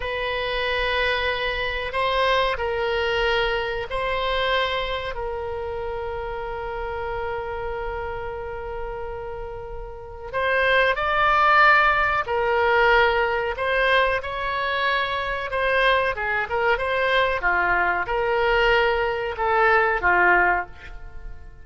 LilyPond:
\new Staff \with { instrumentName = "oboe" } { \time 4/4 \tempo 4 = 93 b'2. c''4 | ais'2 c''2 | ais'1~ | ais'1 |
c''4 d''2 ais'4~ | ais'4 c''4 cis''2 | c''4 gis'8 ais'8 c''4 f'4 | ais'2 a'4 f'4 | }